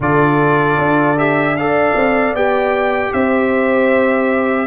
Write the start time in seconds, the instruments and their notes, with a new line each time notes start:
0.00 tuba D3, trombone F4, horn A4, trumpet D5
0.77 tuba D4
1.17 trombone G4, trumpet E5
1.56 trombone A4, horn D5, trumpet F5
1.95 tuba C4
2.34 tuba B3, trombone G4, trumpet G5
3.13 tuba C4, horn C5, trumpet E5